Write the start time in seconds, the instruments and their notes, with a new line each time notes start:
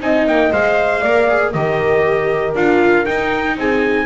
0.00 double bass C4, viola D#4, horn D#5, trumpet G#5
0.26 double bass A#3, trumpet G5
0.52 double bass G#3, viola C5, trumpet F5
1.01 double bass A#3, viola A#4, horn D5
1.29 viola G#4
1.53 double bass D#3, viola G4, horn A#4, trumpet D#5
2.54 double bass D4, viola F4, trumpet F5
3.05 viola D#4, double bass D#4, trumpet G5
3.57 double bass C4, horn G#4, trumpet G#5